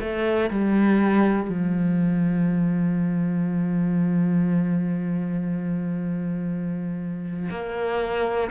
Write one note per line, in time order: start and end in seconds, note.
0.00 0.50 A3
0.50 1.50 G3
1.50 7.50 F3
7.50 8.50 A#3